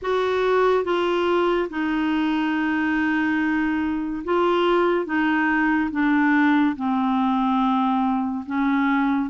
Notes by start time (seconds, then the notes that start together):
0.02 F#4
0.84 F4
1.70 D#4
4.24 F4
5.05 D#4
5.91 D4
6.76 C4
8.45 C#4